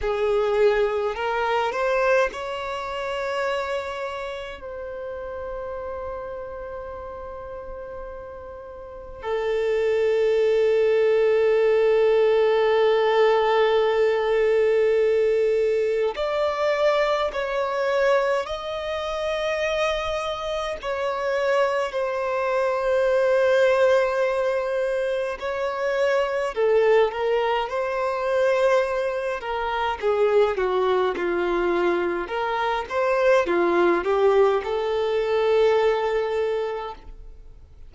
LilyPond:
\new Staff \with { instrumentName = "violin" } { \time 4/4 \tempo 4 = 52 gis'4 ais'8 c''8 cis''2 | c''1 | a'1~ | a'2 d''4 cis''4 |
dis''2 cis''4 c''4~ | c''2 cis''4 a'8 ais'8 | c''4. ais'8 gis'8 fis'8 f'4 | ais'8 c''8 f'8 g'8 a'2 | }